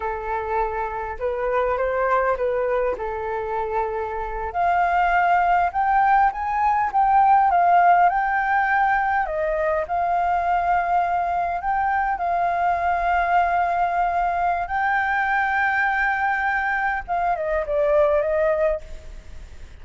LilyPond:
\new Staff \with { instrumentName = "flute" } { \time 4/4 \tempo 4 = 102 a'2 b'4 c''4 | b'4 a'2~ a'8. f''16~ | f''4.~ f''16 g''4 gis''4 g''16~ | g''8. f''4 g''2 dis''16~ |
dis''8. f''2. g''16~ | g''8. f''2.~ f''16~ | f''4 g''2.~ | g''4 f''8 dis''8 d''4 dis''4 | }